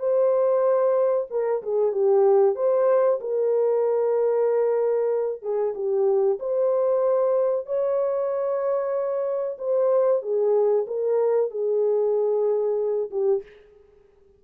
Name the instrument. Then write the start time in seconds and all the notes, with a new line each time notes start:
horn
0.00 C5
1.31 A#4
1.63 G#4
1.93 G4
2.56 C5
3.21 A#4
5.43 G#4
5.75 G4
6.40 C5
7.67 C#5
9.59 C5
10.23 G#4
10.87 A#4
11.51 G#4
13.11 G4